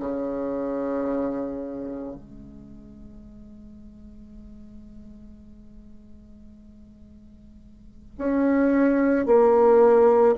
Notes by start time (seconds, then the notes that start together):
0.00 C#3
2.15 G#3
8.19 C#4
9.26 A#3